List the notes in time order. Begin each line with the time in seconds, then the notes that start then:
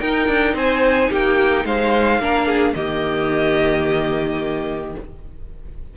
0.00 D#4 A#4 G5
0.28 D4
0.54 C4 C5 G#5
1.10 A#3 G4 G5
1.65 G#3 C5 F5
2.19 A#3 D4 A#4
2.47 G#4
2.74 D#3 A#3 G4 D#5